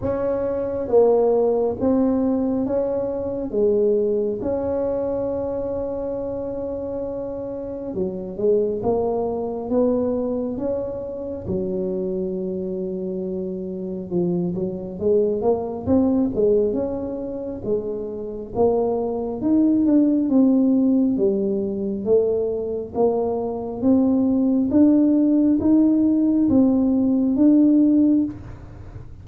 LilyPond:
\new Staff \with { instrumentName = "tuba" } { \time 4/4 \tempo 4 = 68 cis'4 ais4 c'4 cis'4 | gis4 cis'2.~ | cis'4 fis8 gis8 ais4 b4 | cis'4 fis2. |
f8 fis8 gis8 ais8 c'8 gis8 cis'4 | gis4 ais4 dis'8 d'8 c'4 | g4 a4 ais4 c'4 | d'4 dis'4 c'4 d'4 | }